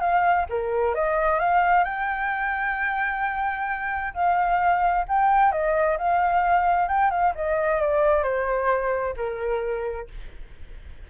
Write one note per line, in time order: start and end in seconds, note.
0.00 0.46 F5
0.49 0.95 A#4
0.95 1.39 D#5
1.39 1.84 F5
1.84 4.13 G5
4.14 5.05 F5
5.08 5.51 G5
5.51 5.97 D#5
5.98 6.88 F5
6.88 7.11 G5
7.11 7.33 F5
7.35 7.81 D#5
7.81 8.23 D5
8.23 9.15 C5
9.17 10.08 A#4